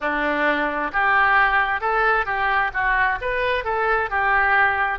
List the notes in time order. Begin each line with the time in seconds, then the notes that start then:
0.00 D4
0.92 G4
1.80 A4
2.25 G4
2.73 F#4
3.21 B4
3.64 A4
4.10 G4